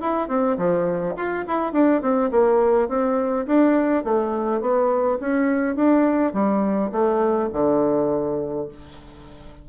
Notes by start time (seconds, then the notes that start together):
0.00 E4
0.28 C4
0.57 F3
1.16 F4
1.47 E4
1.72 D4
2.01 C4
2.31 A#3
2.88 C4
3.46 D4
4.04 A3
4.61 B3
5.20 C#4
5.75 D4
6.33 G3
6.91 A3
7.53 D3